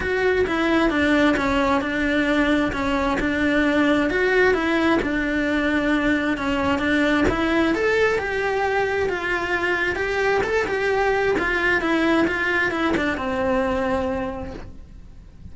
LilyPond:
\new Staff \with { instrumentName = "cello" } { \time 4/4 \tempo 4 = 132 fis'4 e'4 d'4 cis'4 | d'2 cis'4 d'4~ | d'4 fis'4 e'4 d'4~ | d'2 cis'4 d'4 |
e'4 a'4 g'2 | f'2 g'4 a'8 g'8~ | g'4 f'4 e'4 f'4 | e'8 d'8 c'2. | }